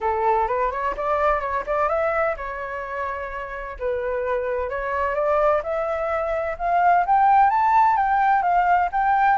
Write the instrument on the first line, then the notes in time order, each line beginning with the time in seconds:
flute
0.00 A4
0.47 B4
0.71 C#5
0.96 D5
1.40 C#5
1.66 D5
1.88 E5
2.36 C#5
3.79 B4
4.69 C#5
5.14 D5
5.63 E5
6.58 F5
7.06 G5
7.50 A5
7.96 G5
8.42 F5
8.92 G5